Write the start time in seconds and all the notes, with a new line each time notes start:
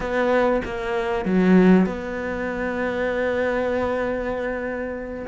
0.00 B3
0.65 A#3
1.25 F#3
1.86 B3